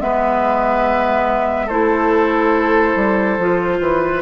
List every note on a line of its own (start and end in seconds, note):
0.00 1.69 G#3
0.00 1.69 B3
0.00 1.66 B4
0.00 1.69 E5
1.66 2.96 A3
1.66 3.39 E4
1.66 3.77 A4
1.66 4.21 C5
2.96 3.38 G3
3.38 3.80 F3
3.38 4.21 F4
3.80 4.21 E3
3.80 4.21 B4